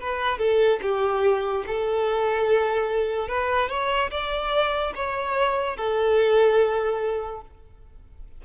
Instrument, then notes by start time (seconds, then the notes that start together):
violin
0.00 B4
0.38 A4
0.82 G4
1.67 A4
3.28 B4
3.69 C#5
4.11 D5
4.95 C#5
5.76 A4